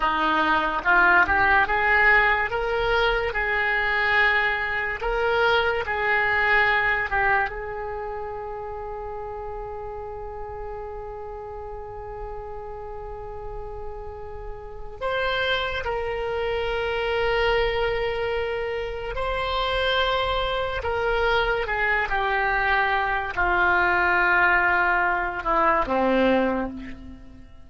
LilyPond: \new Staff \with { instrumentName = "oboe" } { \time 4/4 \tempo 4 = 72 dis'4 f'8 g'8 gis'4 ais'4 | gis'2 ais'4 gis'4~ | gis'8 g'8 gis'2.~ | gis'1~ |
gis'2 c''4 ais'4~ | ais'2. c''4~ | c''4 ais'4 gis'8 g'4. | f'2~ f'8 e'8 c'4 | }